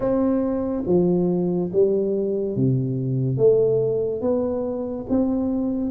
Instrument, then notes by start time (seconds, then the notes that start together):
tuba
0.00 C4
0.86 F3
1.72 G3
2.56 C3
3.37 A3
4.21 B3
5.09 C4